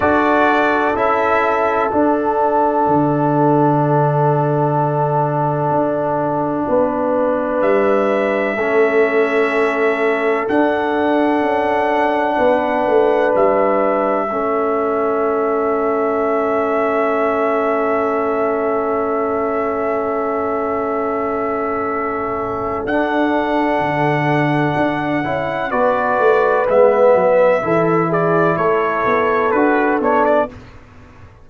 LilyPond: <<
  \new Staff \with { instrumentName = "trumpet" } { \time 4/4 \tempo 4 = 63 d''4 e''4 fis''2~ | fis''1 | e''2. fis''4~ | fis''2 e''2~ |
e''1~ | e''1 | fis''2. d''4 | e''4. d''8 cis''4 b'8 cis''16 d''16 | }
  \new Staff \with { instrumentName = "horn" } { \time 4/4 a'1~ | a'2. b'4~ | b'4 a'2.~ | a'4 b'2 a'4~ |
a'1~ | a'1~ | a'2. b'4~ | b'4 a'8 gis'8 a'2 | }
  \new Staff \with { instrumentName = "trombone" } { \time 4/4 fis'4 e'4 d'2~ | d'1~ | d'4 cis'2 d'4~ | d'2. cis'4~ |
cis'1~ | cis'1 | d'2~ d'8 e'8 fis'4 | b4 e'2 fis'8 d'8 | }
  \new Staff \with { instrumentName = "tuba" } { \time 4/4 d'4 cis'4 d'4 d4~ | d2 d'4 b4 | g4 a2 d'4 | cis'4 b8 a8 g4 a4~ |
a1~ | a1 | d'4 d4 d'8 cis'8 b8 a8 | gis8 fis8 e4 a8 b8 d'8 b8 | }
>>